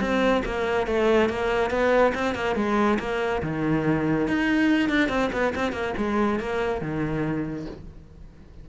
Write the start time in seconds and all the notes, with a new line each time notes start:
0.00 C4
0.45 A#3
0.86 A3
1.29 A#3
1.70 B3
2.14 C4
2.34 A#3
2.55 G#3
2.99 A#3
3.42 D#3
4.27 D#4
4.89 D4
5.09 C4
5.32 B3
5.55 C4
5.72 A#3
5.97 G#3
6.39 A#3
6.81 D#3